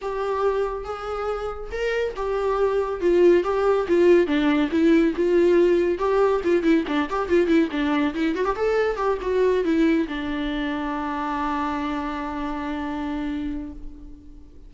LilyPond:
\new Staff \with { instrumentName = "viola" } { \time 4/4 \tempo 4 = 140 g'2 gis'2 | ais'4 g'2 f'4 | g'4 f'4 d'4 e'4 | f'2 g'4 f'8 e'8 |
d'8 g'8 f'8 e'8 d'4 e'8 fis'16 g'16 | a'4 g'8 fis'4 e'4 d'8~ | d'1~ | d'1 | }